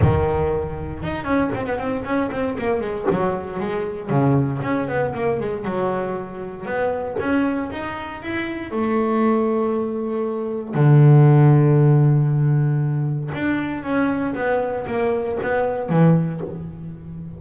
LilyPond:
\new Staff \with { instrumentName = "double bass" } { \time 4/4 \tempo 4 = 117 dis2 dis'8 cis'8 c'16 b16 c'8 | cis'8 c'8 ais8 gis8 fis4 gis4 | cis4 cis'8 b8 ais8 gis8 fis4~ | fis4 b4 cis'4 dis'4 |
e'4 a2.~ | a4 d2.~ | d2 d'4 cis'4 | b4 ais4 b4 e4 | }